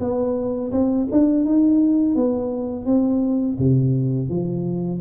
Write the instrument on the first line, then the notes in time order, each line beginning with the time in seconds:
tuba
0.00 B3
0.72 C4
1.12 D4
1.45 D#4
2.16 B3
2.85 C4
3.59 C3
4.29 F3